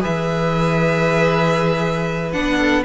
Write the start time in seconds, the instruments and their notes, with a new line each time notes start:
0.00 cello E3, viola G#4, violin B4 E5
2.32 cello B3, viola D4, violin F#5
2.57 violin A4